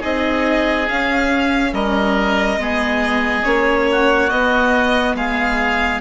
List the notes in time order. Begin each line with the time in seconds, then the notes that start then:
0.00 C4 D#4 G#4 D#5
0.88 C#4 F5
1.73 G3 A#4 D#5
2.57 G#3 B3 G#4
3.44 A#3 C#4 C#5
3.92 F#4
4.29 B3 D#5
5.15 G#3 G#4 F5